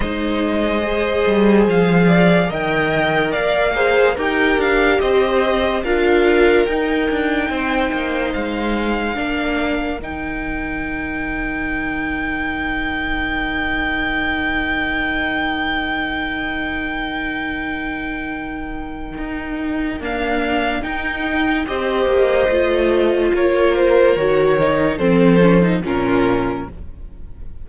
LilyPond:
<<
  \new Staff \with { instrumentName = "violin" } { \time 4/4 \tempo 4 = 72 dis''2 f''4 g''4 | f''4 g''8 f''8 dis''4 f''4 | g''2 f''2 | g''1~ |
g''1~ | g''1 | f''4 g''4 dis''2 | cis''8 c''8 cis''4 c''4 ais'4 | }
  \new Staff \with { instrumentName = "violin" } { \time 4/4 c''2~ c''8 d''8 dis''4 | d''8 c''8 ais'4 c''4 ais'4~ | ais'4 c''2 ais'4~ | ais'1~ |
ais'1~ | ais'1~ | ais'2 c''2 | ais'2 a'4 f'4 | }
  \new Staff \with { instrumentName = "viola" } { \time 4/4 dis'4 gis'2 ais'4~ | ais'8 gis'8 g'2 f'4 | dis'2. d'4 | dis'1~ |
dis'1~ | dis'1 | ais4 dis'4 g'4 f'4~ | f'4 fis'8 dis'8 c'8 cis'16 dis'16 cis'4 | }
  \new Staff \with { instrumentName = "cello" } { \time 4/4 gis4. g8 f4 dis4 | ais4 dis'8 d'8 c'4 d'4 | dis'8 d'8 c'8 ais8 gis4 ais4 | dis1~ |
dis1~ | dis2. dis'4 | d'4 dis'4 c'8 ais8 a4 | ais4 dis4 f4 ais,4 | }
>>